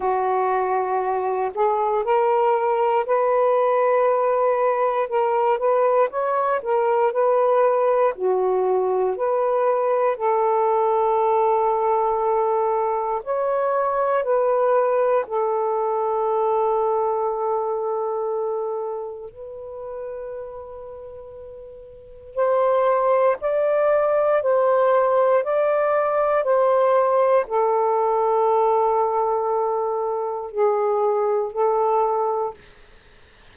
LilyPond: \new Staff \with { instrumentName = "saxophone" } { \time 4/4 \tempo 4 = 59 fis'4. gis'8 ais'4 b'4~ | b'4 ais'8 b'8 cis''8 ais'8 b'4 | fis'4 b'4 a'2~ | a'4 cis''4 b'4 a'4~ |
a'2. b'4~ | b'2 c''4 d''4 | c''4 d''4 c''4 a'4~ | a'2 gis'4 a'4 | }